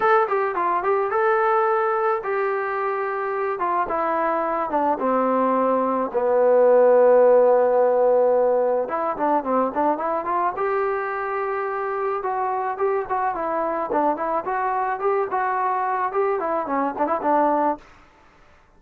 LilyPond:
\new Staff \with { instrumentName = "trombone" } { \time 4/4 \tempo 4 = 108 a'8 g'8 f'8 g'8 a'2 | g'2~ g'8 f'8 e'4~ | e'8 d'8 c'2 b4~ | b1 |
e'8 d'8 c'8 d'8 e'8 f'8 g'4~ | g'2 fis'4 g'8 fis'8 | e'4 d'8 e'8 fis'4 g'8 fis'8~ | fis'4 g'8 e'8 cis'8 d'16 e'16 d'4 | }